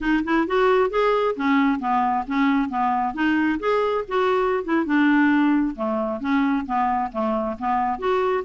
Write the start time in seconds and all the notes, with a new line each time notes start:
0.00 D#4
0.24 E4
0.47 F#4
0.90 G#4
1.35 C#4
1.79 B3
2.27 C#4
2.69 B3
3.14 D#4
3.59 G#4
4.07 F#4
4.63 E4
4.85 D4
5.75 A3
6.20 C#4
6.66 B3
7.12 A3
7.59 B3
7.98 F#4